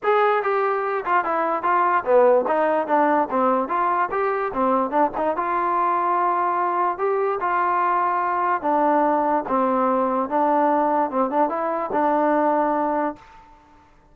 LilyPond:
\new Staff \with { instrumentName = "trombone" } { \time 4/4 \tempo 4 = 146 gis'4 g'4. f'8 e'4 | f'4 b4 dis'4 d'4 | c'4 f'4 g'4 c'4 | d'8 dis'8 f'2.~ |
f'4 g'4 f'2~ | f'4 d'2 c'4~ | c'4 d'2 c'8 d'8 | e'4 d'2. | }